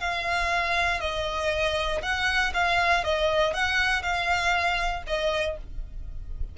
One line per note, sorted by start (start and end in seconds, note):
0.00 1.01 F5
1.01 2.02 D#5
2.03 2.53 F#5
2.54 3.04 F5
3.04 3.54 D#5
3.54 4.02 F#5
4.02 5.03 F5
5.07 5.57 D#5